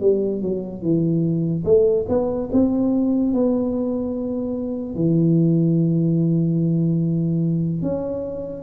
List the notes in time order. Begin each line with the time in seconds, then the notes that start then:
0.00 G3
0.41 F#3
0.82 E3
1.65 A3
2.08 B3
2.52 C4
3.33 B3
4.95 E3
7.82 C#4